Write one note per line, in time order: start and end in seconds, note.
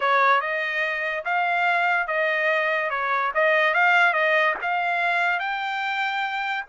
0.00 0.41 C#5
0.41 1.24 D#5
1.24 2.07 F5
2.07 2.90 D#5
2.90 3.31 C#5
3.34 3.73 D#5
3.73 4.13 F5
4.13 4.55 D#5
4.61 5.39 F5
5.39 6.64 G5